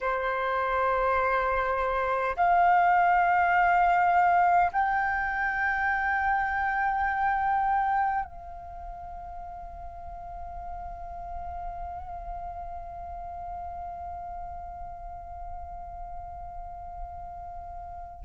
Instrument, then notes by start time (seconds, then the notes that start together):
flute
0.01 C5
2.36 F5
4.72 G5
8.24 F5